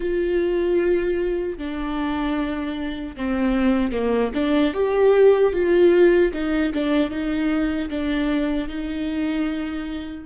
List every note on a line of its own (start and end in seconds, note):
0.00 1.58 F4
1.58 3.15 D4
3.16 3.92 C4
3.92 4.31 A#3
4.34 4.73 D4
4.73 5.52 G4
5.53 6.32 F4
6.33 6.72 D#4
6.73 7.10 D4
7.10 7.89 D#4
7.89 8.68 D4
8.68 10.26 D#4